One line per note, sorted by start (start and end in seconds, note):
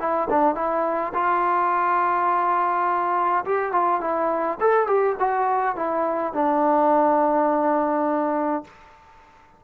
0.00 0.29 E4
0.30 0.55 D4
0.55 1.13 E4
1.14 3.45 F4
3.46 3.73 G4
3.73 4.01 F4
4.01 4.59 E4
4.61 4.87 A4
4.87 5.16 G4
5.20 5.76 F#4
5.76 6.34 E4
6.34 8.65 D4